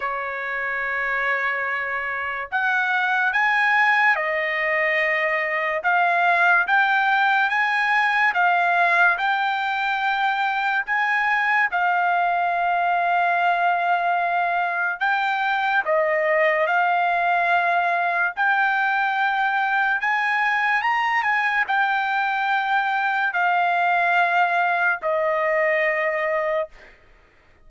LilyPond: \new Staff \with { instrumentName = "trumpet" } { \time 4/4 \tempo 4 = 72 cis''2. fis''4 | gis''4 dis''2 f''4 | g''4 gis''4 f''4 g''4~ | g''4 gis''4 f''2~ |
f''2 g''4 dis''4 | f''2 g''2 | gis''4 ais''8 gis''8 g''2 | f''2 dis''2 | }